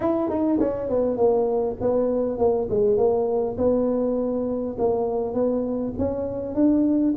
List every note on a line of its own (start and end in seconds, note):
0.00 0.29 E4
0.29 0.59 D#4
0.59 0.89 C#4
0.89 1.16 B3
1.16 1.76 A#3
1.80 2.38 B3
2.38 2.68 A#3
2.69 2.97 G#3
2.97 3.56 A#3
3.57 4.76 B3
4.78 5.33 A#3
5.33 5.93 B3
5.98 6.54 C#4
6.54 7.14 D4